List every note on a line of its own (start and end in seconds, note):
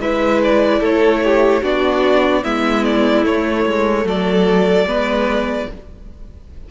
0.00 0.81 G#3
0.00 1.63 E4
0.00 0.80 B4
0.00 0.41 E5
0.44 0.84 D5
0.80 1.62 A3
0.80 1.21 A4
0.80 1.64 C#5
1.24 1.63 G4
1.63 2.45 B3
1.63 2.44 D4
1.63 2.44 F#4
1.63 2.44 D5
2.44 3.25 G#3
2.44 3.24 B3
2.44 4.06 E4
2.44 2.85 E5
2.85 3.25 D5
3.24 4.86 A3
3.24 3.66 A3
3.24 4.08 C#5
3.66 4.05 G#3
4.05 4.86 F#3
4.05 4.87 A4
4.05 5.71 D5
4.86 5.67 G#3
4.86 5.69 B3
4.86 5.69 B4